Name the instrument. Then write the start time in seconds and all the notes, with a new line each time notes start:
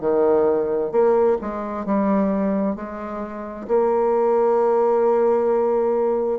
bassoon
0.00 D#3
0.91 A#3
1.41 G#3
1.86 G3
2.75 G#3
3.67 A#3